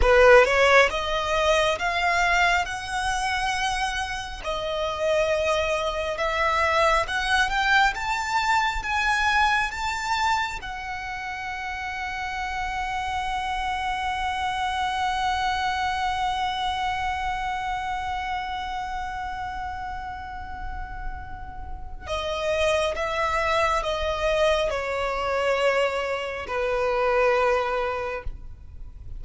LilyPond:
\new Staff \with { instrumentName = "violin" } { \time 4/4 \tempo 4 = 68 b'8 cis''8 dis''4 f''4 fis''4~ | fis''4 dis''2 e''4 | fis''8 g''8 a''4 gis''4 a''4 | fis''1~ |
fis''1~ | fis''1~ | fis''4 dis''4 e''4 dis''4 | cis''2 b'2 | }